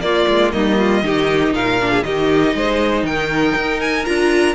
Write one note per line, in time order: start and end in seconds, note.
0.00 0.25 A#3
0.00 1.03 A#3
0.00 0.55 F4
0.00 0.51 D5
0.28 0.53 G#3
0.52 1.02 G3
0.52 0.78 D#4
0.52 1.53 D#5
0.78 1.03 F4
1.02 1.52 D#3
1.02 1.79 D#4
1.02 1.55 G4
1.52 2.03 A#2
1.52 1.91 A#4
1.52 2.03 F5
1.81 2.04 D4
1.91 2.04 G#4
2.03 2.54 D#3
2.03 4.05 D#4
2.03 2.56 G4
2.03 3.04 D#5
2.54 3.03 G#3
2.54 3.06 C5
3.03 3.53 D#3
3.03 4.55 A#4
3.03 3.81 G5
3.55 4.05 D#4
3.81 4.05 G#5
4.05 4.55 D4
4.05 4.55 F4
4.05 4.55 A#5